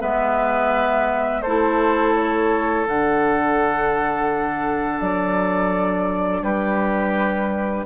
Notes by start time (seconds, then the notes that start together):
0.00 G#3 B3 B4 E5
1.42 A3 E4 A4 C5
2.14 C#5
2.85 D3 D4 F#5
5.00 F#3 D5
6.42 G3 G4 B4